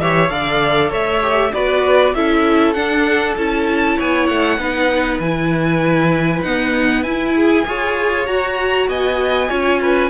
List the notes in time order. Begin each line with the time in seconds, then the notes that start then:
0.00 E3 G4 C#5 E5
0.29 D3 A4 D5 F5
0.90 A3 C#5 E5
1.22 G4
1.54 B3 F#4 B4 D5
2.15 C#4 E4 A4 E5
2.73 D4 F#5
3.37 C#4 E4 A5
3.97 B3 C#5 G#5
4.27 A3 F#5
4.58 B3 D#4 B4
5.20 E3 E4 G#5
6.43 B3 D#4 F#5
7.03 E4 G#5
7.36 G#4
7.66 F4 G#4 C#5
8.26 F#4 A#5
8.89 B3 D#5 G#5
9.49 C#4 F4 C#5
9.82 B4